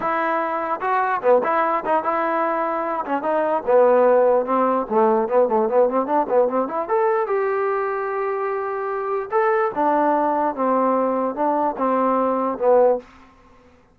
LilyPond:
\new Staff \with { instrumentName = "trombone" } { \time 4/4 \tempo 4 = 148 e'2 fis'4 b8 e'8~ | e'8 dis'8 e'2~ e'8 cis'8 | dis'4 b2 c'4 | a4 b8 a8 b8 c'8 d'8 b8 |
c'8 e'8 a'4 g'2~ | g'2. a'4 | d'2 c'2 | d'4 c'2 b4 | }